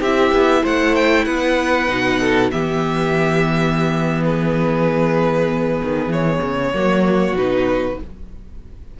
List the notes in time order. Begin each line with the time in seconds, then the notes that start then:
0.00 C4 E4 G4 E5
0.31 B3
0.62 A3 C5 F#5
0.95 G5
1.25 B3 B4 F#5
1.88 B2 D#4
2.20 A4
2.51 E3 B3 G4 E5
4.23 G#4 B4
5.82 D#3
6.08 E3 C#5
6.42 C#3
6.73 F#3 A#3 F#4
7.32 B2 D#4 B4